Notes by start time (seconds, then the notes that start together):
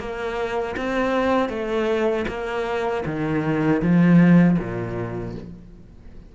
0.00 A#3
0.77 C4
1.49 A3
2.28 A#3
3.06 D#3
3.82 F3
4.59 A#2